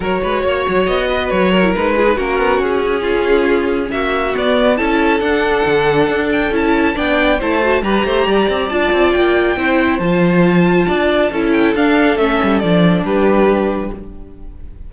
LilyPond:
<<
  \new Staff \with { instrumentName = "violin" } { \time 4/4 \tempo 4 = 138 cis''2 dis''4 cis''4 | b'4 ais'4 gis'2~ | gis'4 e''4 d''4 a''4 | fis''2~ fis''8 g''8 a''4 |
g''4 a''4 ais''2 | a''4 g''2 a''4~ | a''2~ a''8 g''8 f''4 | e''4 d''4 b'2 | }
  \new Staff \with { instrumentName = "violin" } { \time 4/4 ais'8 b'8 cis''4. b'4 ais'8~ | ais'8 gis'8 fis'2 f'4~ | f'4 fis'2 a'4~ | a'1 |
d''4 c''4 b'8 c''8 d''4~ | d''2 c''2~ | c''4 d''4 a'2~ | a'2 g'2 | }
  \new Staff \with { instrumentName = "viola" } { \time 4/4 fis'2.~ fis'8. e'16 | dis'8 f'16 dis'16 cis'2.~ | cis'2 b4 e'4 | d'2. e'4 |
d'4 e'8 fis'8 g'2 | f'2 e'4 f'4~ | f'2 e'4 d'4 | cis'4 d'2. | }
  \new Staff \with { instrumentName = "cello" } { \time 4/4 fis8 gis8 ais8 fis8 b4 fis4 | gis4 ais8 b8 cis'2~ | cis'4 ais4 b4 cis'4 | d'4 d4 d'4 cis'4 |
b4 a4 g8 a8 g8 c'8 | d'8 c'8 ais4 c'4 f4~ | f4 d'4 cis'4 d'4 | a8 g8 f4 g2 | }
>>